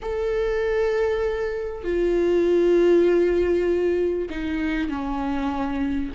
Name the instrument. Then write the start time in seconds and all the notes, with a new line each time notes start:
viola
0.02 A4
1.84 F4
4.30 D#4
4.89 C#4